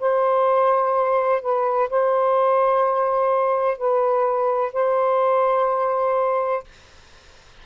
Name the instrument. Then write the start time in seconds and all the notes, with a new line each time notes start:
saxophone
0.00 C5
1.42 B4
1.90 C5
3.78 B4
4.74 C5